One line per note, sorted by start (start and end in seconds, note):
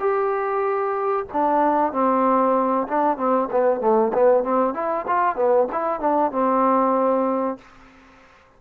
0.00 1.26 G4
1.33 1.93 D4
1.93 2.88 C4
2.88 3.18 D4
3.18 3.49 C4
3.51 3.81 B3
3.81 4.13 A3
4.14 4.44 B3
4.44 4.75 C4
4.75 5.06 E4
5.08 5.36 F4
5.36 5.68 B3
5.72 6.01 E4
6.01 6.32 D4
6.32 7.58 C4